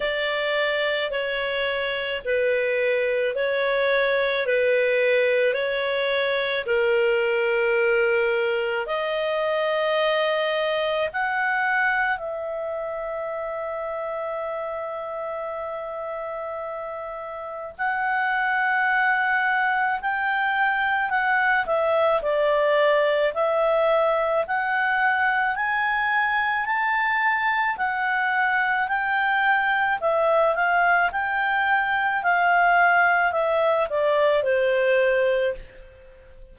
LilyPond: \new Staff \with { instrumentName = "clarinet" } { \time 4/4 \tempo 4 = 54 d''4 cis''4 b'4 cis''4 | b'4 cis''4 ais'2 | dis''2 fis''4 e''4~ | e''1 |
fis''2 g''4 fis''8 e''8 | d''4 e''4 fis''4 gis''4 | a''4 fis''4 g''4 e''8 f''8 | g''4 f''4 e''8 d''8 c''4 | }